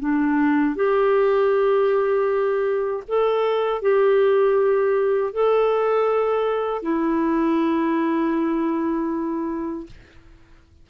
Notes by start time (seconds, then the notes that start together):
0.00 D4
0.76 G4
3.08 A4
3.82 G4
5.33 A4
6.83 E4